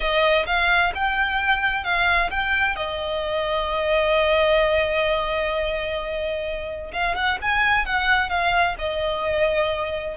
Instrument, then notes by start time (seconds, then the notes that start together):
violin
0.00 D#5
0.46 F5
0.94 G5
1.83 F5
2.30 G5
2.76 D#5
6.92 F5
7.15 F#5
7.41 G#5
7.85 F#5
8.29 F5
8.78 D#5